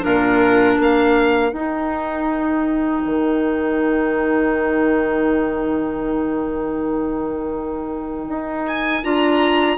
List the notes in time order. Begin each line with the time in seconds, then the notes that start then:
0.00 A#2 D4 F4 A#4
0.77 A#3 A#4 F5
1.52 D#4 G5
3.05 D#3
8.28 D#4
8.67 G#5
9.03 D4 F4 A#5